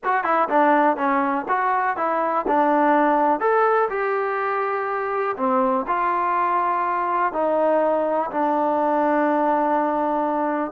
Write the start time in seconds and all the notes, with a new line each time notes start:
0.04 F#4
0.24 E4
0.49 D4
0.96 C#4
1.48 F#4
1.96 E4
2.47 D4
3.40 A4
3.89 G4
5.36 C4
5.87 F4
7.33 D#4
8.30 D4